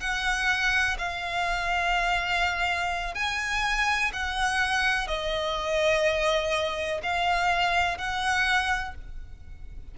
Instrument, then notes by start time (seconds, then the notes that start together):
violin
0.00 F#5
0.98 F5
3.15 G#5
4.13 F#5
5.07 D#5
7.02 F5
7.98 F#5